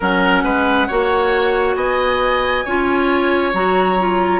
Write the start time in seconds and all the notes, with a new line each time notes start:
0.00 F#3 C#4 A#4 F#5
0.43 G#3 B4
0.87 A#3 F#4 C#5
1.74 B3 D#5 G#5
2.64 C#4 F4 C#5
3.53 F#3 F#4 A#5
3.99 F4